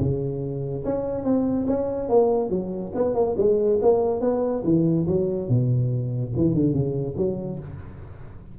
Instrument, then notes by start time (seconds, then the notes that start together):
tuba
0.00 C#3
0.85 C#4
1.24 C4
1.67 C#4
2.09 A#3
2.50 F#3
2.95 B3
3.15 A#3
3.37 G#3
3.82 A#3
4.21 B3
4.64 E3
5.07 F#3
5.49 B2
6.36 E3
6.54 D3
6.73 C#3
7.17 F#3